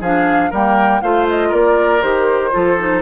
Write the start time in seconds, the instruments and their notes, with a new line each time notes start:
0.00 bassoon F3, clarinet D4, oboe G#4, flute F5
0.50 bassoon G3, clarinet A#3, oboe A#4, flute G5
1.01 bassoon A3, clarinet F4, oboe C5, flute F5
1.29 flute D#5
1.48 bassoon A#3, oboe A#4, flute D5
2.01 bassoon D#3, clarinet G4, flute C5
2.51 bassoon F3, clarinet F4, oboe A4
2.78 clarinet D#4